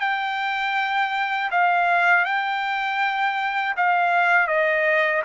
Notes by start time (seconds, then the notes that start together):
0.00 G5
1.51 F5
2.25 G5
3.77 F5
4.47 D#5